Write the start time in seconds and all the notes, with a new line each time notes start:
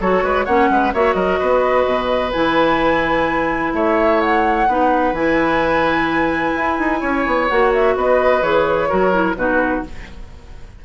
0.00 F#3 F#4 A4 C#5
0.23 G#3 B4
0.45 A#3 C#4 C#5 F#5
0.70 G#3 B4
0.93 A#3 F#4 C#5 E5
1.13 F#3 A#4 D#5
1.39 B3 B4
1.86 B2
2.32 E3 E4 G#5
3.73 A3 C#5 E5
4.21 F#5
4.68 B3 D#4 B4
5.13 E3 E4 G#5
6.56 E4
6.78 D#4
7.00 C#4 C#5
7.26 B3
7.48 A#3 F#4 F#5
7.73 E5
7.95 B3 B4 D#5
8.42 E3 G#4 C#5
8.88 F#3 F#4 A#4
9.12 E4
9.35 B2 D#4 F#4 B4